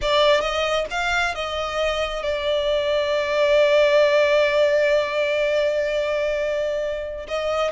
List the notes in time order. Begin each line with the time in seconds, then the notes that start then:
0.01 D5
0.40 D#5
0.90 F5
1.34 D#5
2.22 D5
7.27 D#5